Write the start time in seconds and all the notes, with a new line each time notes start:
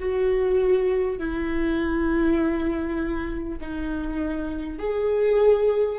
0.00 F#4
1.19 E4
3.61 D#4
4.79 G#4